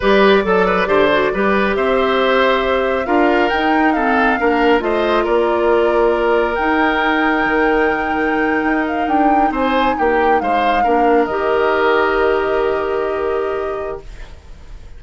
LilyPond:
<<
  \new Staff \with { instrumentName = "flute" } { \time 4/4 \tempo 4 = 137 d''1 | e''2. f''4 | g''4 f''2 dis''4 | d''2. g''4~ |
g''1~ | g''16 f''8 g''4 gis''4 g''4 f''16~ | f''4.~ f''16 dis''2~ dis''16~ | dis''1 | }
  \new Staff \with { instrumentName = "oboe" } { \time 4/4 b'4 a'8 b'8 c''4 b'4 | c''2. ais'4~ | ais'4 a'4 ais'4 c''4 | ais'1~ |
ais'1~ | ais'4.~ ais'16 c''4 g'4 c''16~ | c''8. ais'2.~ ais'16~ | ais'1 | }
  \new Staff \with { instrumentName = "clarinet" } { \time 4/4 g'4 a'4 g'8 fis'8 g'4~ | g'2. f'4 | dis'4 c'4 d'4 f'4~ | f'2. dis'4~ |
dis'1~ | dis'1~ | dis'8. d'4 g'2~ g'16~ | g'1 | }
  \new Staff \with { instrumentName = "bassoon" } { \time 4/4 g4 fis4 d4 g4 | c'2. d'4 | dis'2 ais4 a4 | ais2. dis'4~ |
dis'4 dis2~ dis8. dis'16~ | dis'8. d'4 c'4 ais4 gis16~ | gis8. ais4 dis2~ dis16~ | dis1 | }
>>